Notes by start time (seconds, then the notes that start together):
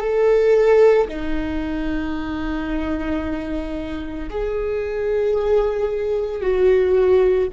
0.00 A4
1.08 D#4
4.30 G#4
6.41 F#4